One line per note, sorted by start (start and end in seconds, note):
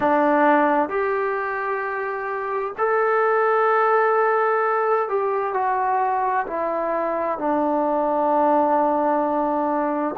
0.00 0.89 D4
0.89 2.73 G4
2.77 5.08 A4
5.09 5.53 G4
5.53 6.46 F#4
6.47 7.38 E4
7.38 10.15 D4